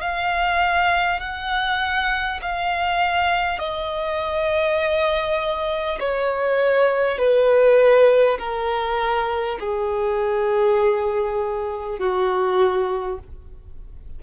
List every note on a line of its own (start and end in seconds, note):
0.00 1.19 F5
1.19 2.39 F#5
2.42 3.58 F5
3.58 5.98 D#5
5.99 7.18 C#5
7.18 8.38 B4
8.38 9.58 A#4
9.59 11.98 G#4
11.98 13.18 F#4